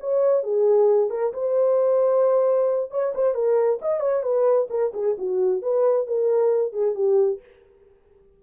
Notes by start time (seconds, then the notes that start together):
0.00 C#5
0.43 G#4
1.10 A#4
1.33 C5
2.91 C#5
3.15 C5
3.35 A#4
3.82 D#5
4.00 C#5
4.23 B4
4.70 A#4
4.94 G#4
5.18 F#4
5.62 B4
6.07 A#4
6.73 G#4
6.95 G4